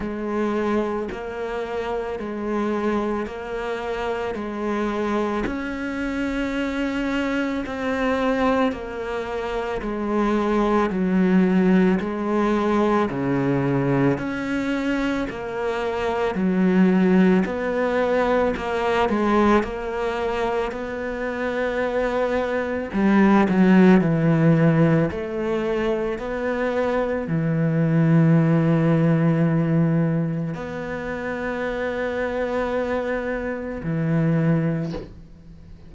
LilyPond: \new Staff \with { instrumentName = "cello" } { \time 4/4 \tempo 4 = 55 gis4 ais4 gis4 ais4 | gis4 cis'2 c'4 | ais4 gis4 fis4 gis4 | cis4 cis'4 ais4 fis4 |
b4 ais8 gis8 ais4 b4~ | b4 g8 fis8 e4 a4 | b4 e2. | b2. e4 | }